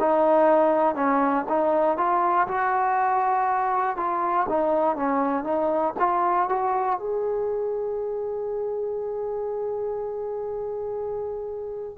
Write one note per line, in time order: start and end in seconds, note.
0.00 0.95 D#4
0.95 1.45 C#4
1.49 1.98 D#4
1.98 2.48 F4
2.48 3.97 F#4
3.97 4.47 F4
4.50 4.97 D#4
4.97 5.44 C#4
5.44 5.94 D#4
6.00 6.50 F4
6.50 6.99 F#4
6.99 11.98 G#4